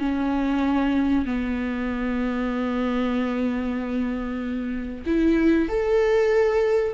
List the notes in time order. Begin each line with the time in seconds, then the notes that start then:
0.00 C#4
1.26 B3
5.07 E4
5.69 A4